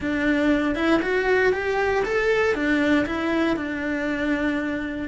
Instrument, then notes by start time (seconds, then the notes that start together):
cello
0.00 D4
0.75 E4
1.02 F#4
1.52 G4
2.05 A4
2.54 D4
3.06 E4
3.56 D4